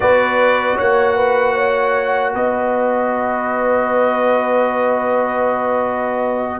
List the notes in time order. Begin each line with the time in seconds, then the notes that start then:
0.00 B3 F#4 B4 D5
0.75 A#3 C#5 F#5
1.16 B4
1.53 C#5
2.34 B3 B4 D#5